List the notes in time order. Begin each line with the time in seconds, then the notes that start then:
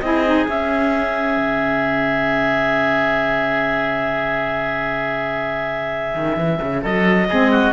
0.00 C4 E4 G#4 D#5
0.27 D#4
0.48 C#4 E5
1.37 C#3
6.15 D#3
6.37 E3
6.62 C#3
6.82 F#3 A4 D#5
7.28 G#3 C4 G#4
7.51 F#4